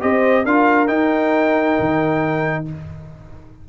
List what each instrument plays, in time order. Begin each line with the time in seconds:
0.00 tuba C4, trombone G4, horn C5, trumpet D#5
0.44 tuba D4, trombone F4, horn A#4, trumpet F5
0.87 trombone D#4, tuba D#4, trumpet G5
1.79 tuba D#3